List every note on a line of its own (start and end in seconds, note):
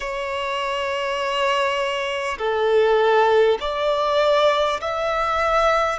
0.00 2.37 C#5
2.38 3.58 A4
3.60 4.80 D5
4.80 5.98 E5